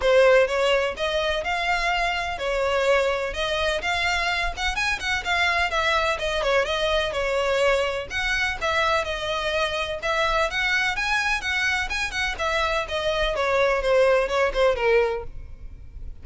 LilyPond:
\new Staff \with { instrumentName = "violin" } { \time 4/4 \tempo 4 = 126 c''4 cis''4 dis''4 f''4~ | f''4 cis''2 dis''4 | f''4. fis''8 gis''8 fis''8 f''4 | e''4 dis''8 cis''8 dis''4 cis''4~ |
cis''4 fis''4 e''4 dis''4~ | dis''4 e''4 fis''4 gis''4 | fis''4 gis''8 fis''8 e''4 dis''4 | cis''4 c''4 cis''8 c''8 ais'4 | }